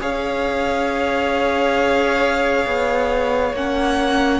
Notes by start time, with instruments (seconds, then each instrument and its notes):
0.00 cello C#4, viola G#4, violin C#5 F5
2.66 cello B3
3.53 cello A#3, viola C#4, violin F#5